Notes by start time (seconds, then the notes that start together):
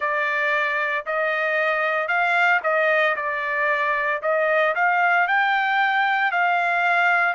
0.00 D5
1.05 D#5
2.08 F5
2.63 D#5
3.16 D5
4.22 D#5
4.75 F5
5.27 G5
6.32 F5